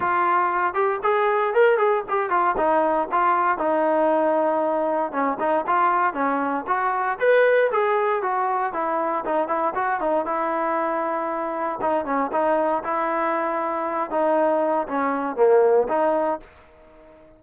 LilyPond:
\new Staff \with { instrumentName = "trombone" } { \time 4/4 \tempo 4 = 117 f'4. g'8 gis'4 ais'8 gis'8 | g'8 f'8 dis'4 f'4 dis'4~ | dis'2 cis'8 dis'8 f'4 | cis'4 fis'4 b'4 gis'4 |
fis'4 e'4 dis'8 e'8 fis'8 dis'8 | e'2. dis'8 cis'8 | dis'4 e'2~ e'8 dis'8~ | dis'4 cis'4 ais4 dis'4 | }